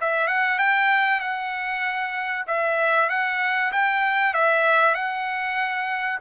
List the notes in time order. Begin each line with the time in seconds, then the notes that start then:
0.00 E5
0.27 F#5
0.58 G5
1.20 F#5
2.47 E5
3.09 F#5
3.72 G5
4.34 E5
4.94 F#5